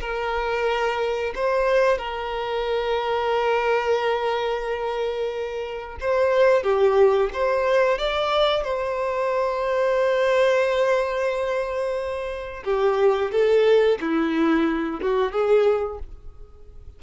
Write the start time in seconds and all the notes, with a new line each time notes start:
0.00 A#4
1.35 C5
1.98 A#4
6.00 C5
6.63 G4
7.33 C5
7.98 D5
8.63 C5
12.64 G4
13.31 A4
14.01 E4
15.01 F#4
15.32 G#4